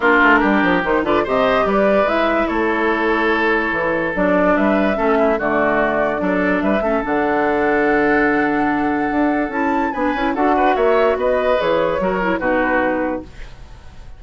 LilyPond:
<<
  \new Staff \with { instrumentName = "flute" } { \time 4/4 \tempo 4 = 145 ais'2 c''8 d''8 dis''4 | d''4 e''4 cis''2~ | cis''2 d''4 e''4~ | e''4 d''2. |
e''4 fis''2.~ | fis''2. a''4 | gis''4 fis''4 e''4 dis''4 | cis''2 b'2 | }
  \new Staff \with { instrumentName = "oboe" } { \time 4/4 f'4 g'4. b'8 c''4 | b'2 a'2~ | a'2. b'4 | a'8 e'8 fis'2 a'4 |
b'8 a'2.~ a'8~ | a'1 | b'4 a'8 b'8 cis''4 b'4~ | b'4 ais'4 fis'2 | }
  \new Staff \with { instrumentName = "clarinet" } { \time 4/4 d'2 dis'8 f'8 g'4~ | g'4 e'2.~ | e'2 d'2 | cis'4 a2 d'4~ |
d'8 cis'8 d'2.~ | d'2. e'4 | d'8 e'8 fis'2. | gis'4 fis'8 e'8 dis'2 | }
  \new Staff \with { instrumentName = "bassoon" } { \time 4/4 ais8 a8 g8 f8 dis8 d8 c4 | g4 gis4 a2~ | a4 e4 fis4 g4 | a4 d2 fis4 |
g8 a8 d2.~ | d2 d'4 cis'4 | b8 cis'8 d'4 ais4 b4 | e4 fis4 b,2 | }
>>